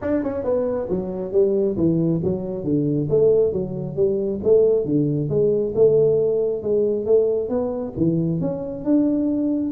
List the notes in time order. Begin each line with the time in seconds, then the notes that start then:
0.01 D4
0.23 C#4
0.44 B3
0.89 F#3
1.32 G3
1.76 E3
2.23 F#3
2.64 D3
3.09 A3
3.52 F#3
3.96 G3
4.43 A3
4.85 D3
5.29 G#3
5.74 A3
6.62 G#3
7.05 A3
7.49 B3
7.96 E3
8.40 C#4
8.84 D4